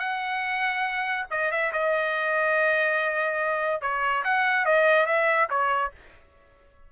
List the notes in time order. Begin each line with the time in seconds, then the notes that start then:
0.00 F#5
1.31 D#5
1.52 E5
1.73 D#5
3.82 C#5
4.25 F#5
4.66 D#5
5.07 E5
5.50 C#5